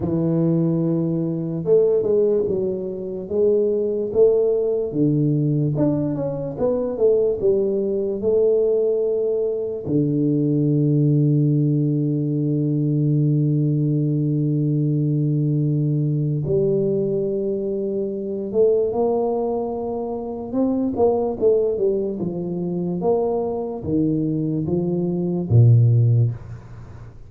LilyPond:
\new Staff \with { instrumentName = "tuba" } { \time 4/4 \tempo 4 = 73 e2 a8 gis8 fis4 | gis4 a4 d4 d'8 cis'8 | b8 a8 g4 a2 | d1~ |
d1 | g2~ g8 a8 ais4~ | ais4 c'8 ais8 a8 g8 f4 | ais4 dis4 f4 ais,4 | }